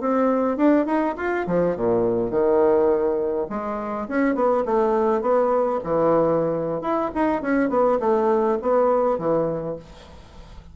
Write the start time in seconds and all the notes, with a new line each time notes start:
0.00 C4
0.57 D4
0.86 D#4
1.17 F4
1.47 F3
1.76 A#2
2.30 D#3
3.49 G#3
4.08 C#4
4.35 B3
4.65 A3
5.21 B3
5.84 E3
6.81 E4
7.14 D#4
7.41 C#4
7.69 B3
8.00 A3
8.62 B3
9.18 E3